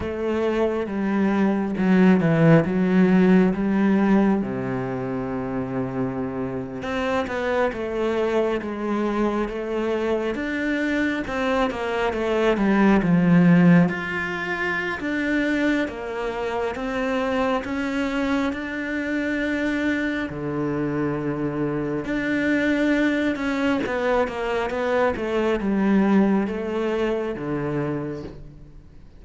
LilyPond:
\new Staff \with { instrumentName = "cello" } { \time 4/4 \tempo 4 = 68 a4 g4 fis8 e8 fis4 | g4 c2~ c8. c'16~ | c'16 b8 a4 gis4 a4 d'16~ | d'8. c'8 ais8 a8 g8 f4 f'16~ |
f'4 d'4 ais4 c'4 | cis'4 d'2 d4~ | d4 d'4. cis'8 b8 ais8 | b8 a8 g4 a4 d4 | }